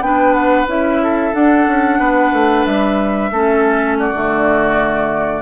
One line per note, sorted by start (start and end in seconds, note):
0.00 0.66 B3
0.00 0.67 D4
0.00 1.03 B4
0.00 0.33 G5
0.33 0.66 F#5
0.66 1.32 C#4
0.66 1.33 E4
0.66 1.34 E5
1.03 1.99 A4
1.33 3.31 D4
1.33 1.67 D4
1.33 2.65 F#5
1.67 1.99 C#4
1.99 2.32 B3
1.99 3.31 B4
2.32 2.65 A3
2.65 3.30 G3
2.65 3.97 E5
3.30 4.13 A3
3.30 4.14 C#4
3.30 3.98 A4
3.98 5.41 F#4
3.98 5.41 D5
4.13 5.41 D3
4.13 5.41 A3